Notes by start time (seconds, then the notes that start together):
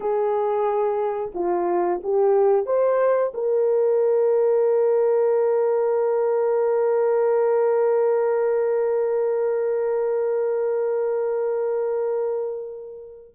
0.00 G#4
1.34 F4
2.03 G4
2.65 C5
3.33 A#4